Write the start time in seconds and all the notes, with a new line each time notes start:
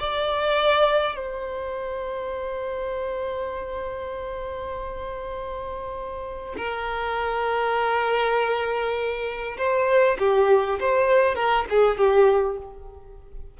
0.00 D5
1.16 C5
6.58 A#4
9.58 C5
10.19 G4
10.80 C5
11.36 A#4
11.70 G#4
11.98 G4